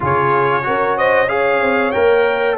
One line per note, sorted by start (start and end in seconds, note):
0.00 0.66 C#3
0.00 0.62 F4
0.00 0.66 G#4
0.00 0.97 C#5
0.62 1.61 C#4
0.62 1.27 F#4
0.62 0.97 A#4
0.97 1.28 C5
0.97 1.28 D#5
1.28 1.92 G#4
1.28 2.57 C#5
1.28 1.91 F5
1.61 1.93 C4
1.91 2.57 A#3
1.91 2.57 A#4
1.91 2.56 G5